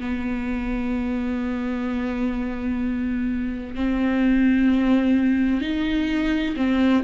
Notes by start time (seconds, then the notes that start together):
0.00 B3
3.75 C4
5.61 D#4
6.56 C4